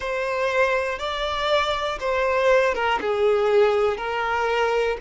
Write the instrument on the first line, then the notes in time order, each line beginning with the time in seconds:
violin
0.00 C5
0.98 D5
2.00 C5
2.74 A#4
3.00 G#4
3.97 A#4